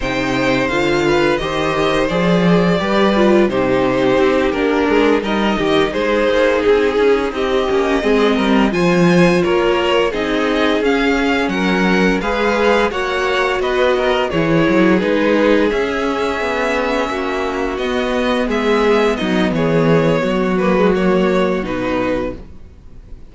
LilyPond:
<<
  \new Staff \with { instrumentName = "violin" } { \time 4/4 \tempo 4 = 86 g''4 f''4 dis''4 d''4~ | d''4 c''4. ais'4 dis''8~ | dis''8 c''4 gis'4 dis''4.~ | dis''8 gis''4 cis''4 dis''4 f''8~ |
f''8 fis''4 f''4 fis''4 dis''8~ | dis''8 cis''4 b'4 e''4.~ | e''4. dis''4 e''4 dis''8 | cis''4. b'8 cis''4 b'4 | }
  \new Staff \with { instrumentName = "violin" } { \time 4/4 c''4. b'8 c''2 | b'4 g'2 gis'8 ais'8 | g'8 gis'2 g'4 gis'8 | ais'8 c''4 ais'4 gis'4.~ |
gis'8 ais'4 b'4 cis''4 b'8 | ais'8 gis'2.~ gis'8~ | gis'8 fis'2 gis'4 dis'8 | gis'4 fis'2. | }
  \new Staff \with { instrumentName = "viola" } { \time 4/4 dis'4 f'4 g'4 gis'4 | g'8 f'8 dis'4. d'4 dis'8~ | dis'2. cis'8 c'8~ | c'8 f'2 dis'4 cis'8~ |
cis'4. gis'4 fis'4.~ | fis'8 e'4 dis'4 cis'4.~ | cis'4. b2~ b8~ | b4. ais16 gis16 ais4 dis'4 | }
  \new Staff \with { instrumentName = "cello" } { \time 4/4 c4 d4 dis4 f4 | g4 c4 c'8 ais8 gis8 g8 | dis8 gis8 ais8 c'8 cis'8 c'8 ais8 gis8 | g8 f4 ais4 c'4 cis'8~ |
cis'8 fis4 gis4 ais4 b8~ | b8 e8 fis8 gis4 cis'4 b8~ | b8 ais4 b4 gis4 fis8 | e4 fis2 b,4 | }
>>